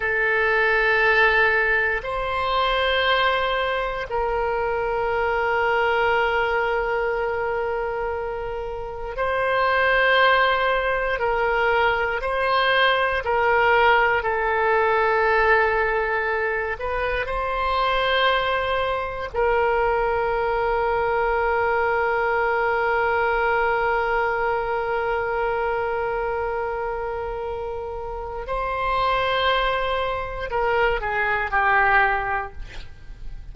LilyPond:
\new Staff \with { instrumentName = "oboe" } { \time 4/4 \tempo 4 = 59 a'2 c''2 | ais'1~ | ais'4 c''2 ais'4 | c''4 ais'4 a'2~ |
a'8 b'8 c''2 ais'4~ | ais'1~ | ais'1 | c''2 ais'8 gis'8 g'4 | }